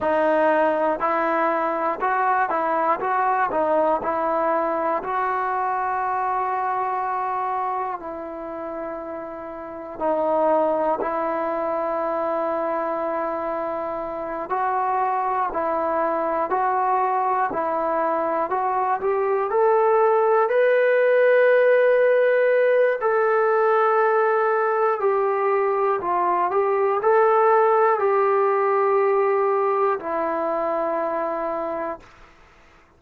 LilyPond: \new Staff \with { instrumentName = "trombone" } { \time 4/4 \tempo 4 = 60 dis'4 e'4 fis'8 e'8 fis'8 dis'8 | e'4 fis'2. | e'2 dis'4 e'4~ | e'2~ e'8 fis'4 e'8~ |
e'8 fis'4 e'4 fis'8 g'8 a'8~ | a'8 b'2~ b'8 a'4~ | a'4 g'4 f'8 g'8 a'4 | g'2 e'2 | }